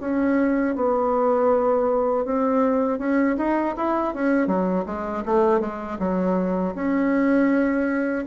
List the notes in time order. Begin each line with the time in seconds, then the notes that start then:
0.00 C#4
0.75 B3
2.24 C4
2.98 C#4
3.37 D#4
3.76 E4
4.14 C#4
4.47 F#3
4.85 G#3
5.25 A3
5.60 G#3
5.99 F#3
6.75 C#4